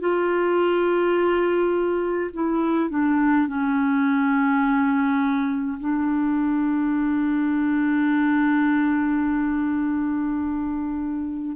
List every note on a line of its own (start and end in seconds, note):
0.00 2.31 F4
2.34 2.90 E4
2.90 3.48 D4
3.48 5.78 C#4
5.80 11.56 D4